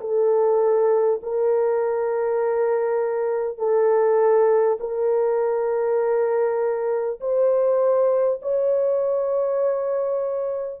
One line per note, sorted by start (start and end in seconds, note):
0.00 1.20 A4
1.23 3.57 A#4
3.57 4.77 A4
4.79 7.19 A#4
7.20 8.40 C5
8.42 10.80 C#5